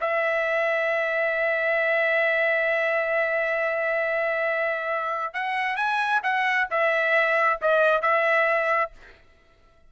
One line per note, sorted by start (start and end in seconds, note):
0.00 5.33 E5
5.33 5.76 F#5
5.76 6.21 G#5
6.23 6.68 F#5
6.70 7.60 E5
7.61 8.01 D#5
8.01 8.91 E5